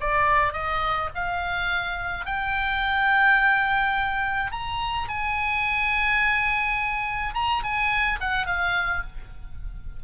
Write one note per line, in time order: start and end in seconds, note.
0.00 0.52 D5
0.52 1.09 D#5
1.14 2.25 F5
2.25 4.51 G5
4.51 5.08 A#5
5.08 7.34 G#5
7.34 7.62 A#5
7.63 8.19 G#5
8.20 8.46 F#5
8.46 9.03 F5